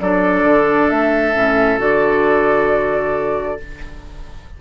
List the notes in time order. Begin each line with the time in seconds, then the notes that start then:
0.00 F#3 D4 A4 D5
0.44 D3
0.90 A3 E5
1.34 A2 C#4
1.78 D3 F#4 D5